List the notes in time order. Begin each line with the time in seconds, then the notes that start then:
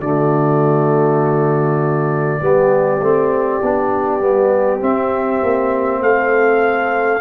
0.00 D3 A3 F#4 D5
2.40 G3 B3 G4
3.00 A3 C4
3.62 B3 D4
4.20 G3 B3
4.80 C4 E5
5.43 A#3
6.01 A3 A4 F5